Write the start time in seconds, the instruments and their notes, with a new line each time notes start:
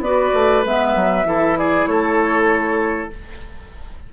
0.00 bassoon B3, clarinet F#4, oboe B4, flute D5
0.34 bassoon A3
0.64 bassoon G#3, clarinet B3, flute E5
0.95 bassoon F#3
1.25 bassoon E3, clarinet E4, oboe A4
1.58 oboe G#4, flute D5
1.86 bassoon A3, oboe A4, flute C#5